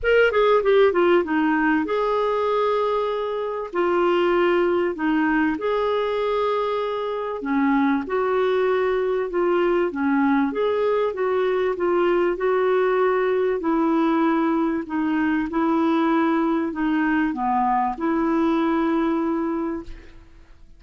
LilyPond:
\new Staff \with { instrumentName = "clarinet" } { \time 4/4 \tempo 4 = 97 ais'8 gis'8 g'8 f'8 dis'4 gis'4~ | gis'2 f'2 | dis'4 gis'2. | cis'4 fis'2 f'4 |
cis'4 gis'4 fis'4 f'4 | fis'2 e'2 | dis'4 e'2 dis'4 | b4 e'2. | }